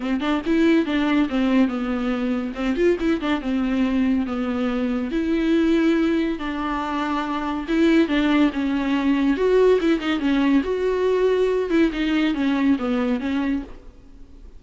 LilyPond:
\new Staff \with { instrumentName = "viola" } { \time 4/4 \tempo 4 = 141 c'8 d'8 e'4 d'4 c'4 | b2 c'8 f'8 e'8 d'8 | c'2 b2 | e'2. d'4~ |
d'2 e'4 d'4 | cis'2 fis'4 e'8 dis'8 | cis'4 fis'2~ fis'8 e'8 | dis'4 cis'4 b4 cis'4 | }